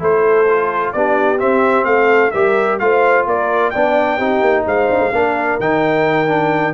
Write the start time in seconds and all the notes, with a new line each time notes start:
0.00 A3 E4 A4 C5
0.49 F4
0.93 B3 D4 G4 D5
1.39 C4 E5
1.85 A3 A4 F5
2.31 G3 G4 A#4 E5
2.79 A3 F4 C5 F5
3.27 A#3 A#4 D5
3.71 B3 D4 D5 G5
4.18 C4 D#4 G4
4.41 A#3
4.66 G#3 C5 F5
4.90 D4
5.00 G#3
5.12 A#3 D4 A#4
5.60 D#3 D#4 G5
6.28 D4